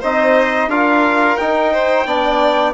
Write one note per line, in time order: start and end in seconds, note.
0.00 0.67 C4
0.00 0.70 D#4
0.00 0.68 C5
0.00 0.70 D#5
0.67 1.35 D4
0.67 1.38 F4
0.67 1.72 A#4
0.67 1.36 F5
1.36 2.06 D#4
1.36 2.05 D#4
1.36 2.73 G5
1.72 2.06 C5
2.05 2.73 B3
2.05 2.73 D4
2.05 2.73 D5